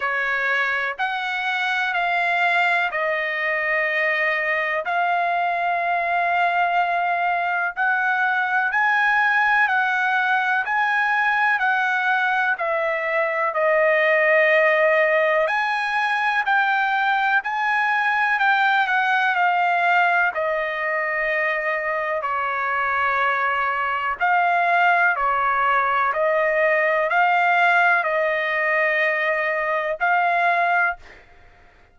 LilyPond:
\new Staff \with { instrumentName = "trumpet" } { \time 4/4 \tempo 4 = 62 cis''4 fis''4 f''4 dis''4~ | dis''4 f''2. | fis''4 gis''4 fis''4 gis''4 | fis''4 e''4 dis''2 |
gis''4 g''4 gis''4 g''8 fis''8 | f''4 dis''2 cis''4~ | cis''4 f''4 cis''4 dis''4 | f''4 dis''2 f''4 | }